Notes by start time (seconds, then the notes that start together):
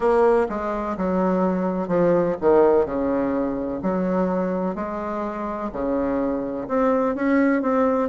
0.00 A#3
0.49 G#3
0.97 F#3
1.88 F3
2.41 D#3
2.85 C#3
3.82 F#3
4.75 G#3
5.72 C#3
6.68 C4
7.15 C#4
7.61 C4